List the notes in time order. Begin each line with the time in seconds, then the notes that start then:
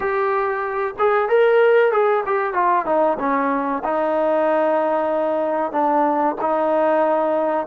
0.00 G4
0.98 G#4
1.28 A#4
1.91 G#4
2.25 G4
2.53 F4
2.85 D#4
3.19 C#4
3.84 D#4
5.72 D4
6.41 D#4